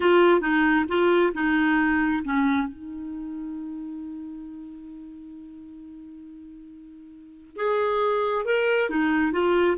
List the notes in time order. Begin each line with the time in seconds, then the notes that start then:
0.00 F4
0.40 D#4
0.88 F4
1.34 D#4
2.24 C#4
2.67 D#4
7.56 G#4
8.45 A#4
8.89 D#4
9.32 F4